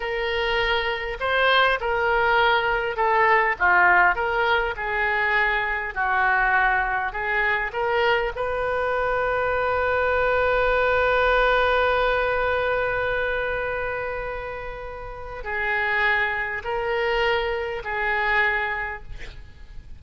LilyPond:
\new Staff \with { instrumentName = "oboe" } { \time 4/4 \tempo 4 = 101 ais'2 c''4 ais'4~ | ais'4 a'4 f'4 ais'4 | gis'2 fis'2 | gis'4 ais'4 b'2~ |
b'1~ | b'1~ | b'2 gis'2 | ais'2 gis'2 | }